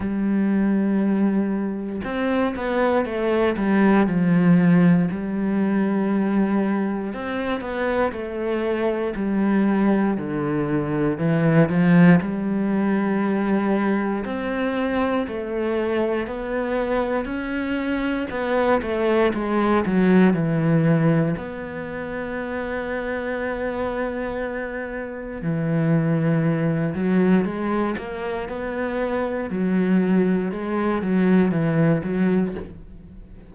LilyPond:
\new Staff \with { instrumentName = "cello" } { \time 4/4 \tempo 4 = 59 g2 c'8 b8 a8 g8 | f4 g2 c'8 b8 | a4 g4 d4 e8 f8 | g2 c'4 a4 |
b4 cis'4 b8 a8 gis8 fis8 | e4 b2.~ | b4 e4. fis8 gis8 ais8 | b4 fis4 gis8 fis8 e8 fis8 | }